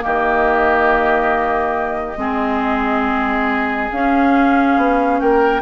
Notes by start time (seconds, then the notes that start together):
0.00 A#3 G4 D#5
0.06 D#3
2.17 G#3 C4 G#4
3.92 C#4 F5
4.77 B3
5.21 A#3 A#4 G5